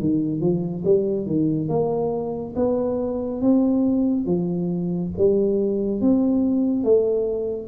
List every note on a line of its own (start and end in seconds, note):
0.00 0.41 D#3
0.41 0.84 F3
0.85 1.26 G3
1.26 1.69 D#3
1.69 2.54 A#3
2.56 3.42 B3
3.42 4.26 C4
4.26 5.12 F3
5.18 6.01 G3
6.01 6.84 C4
6.84 7.68 A3